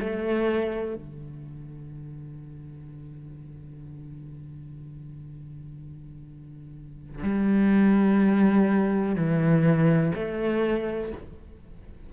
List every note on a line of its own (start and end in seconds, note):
0.00 0.95 A3
0.95 7.23 D3
7.23 9.15 G3
9.15 10.12 E3
10.15 11.12 A3